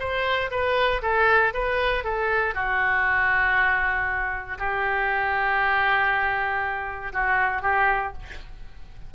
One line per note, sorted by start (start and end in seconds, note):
0.00 0.51 C5
0.51 1.02 B4
1.03 1.53 A4
1.54 2.05 B4
2.05 2.55 A4
2.55 4.58 F#4
4.59 7.13 G4
7.13 7.63 F#4
7.63 8.14 G4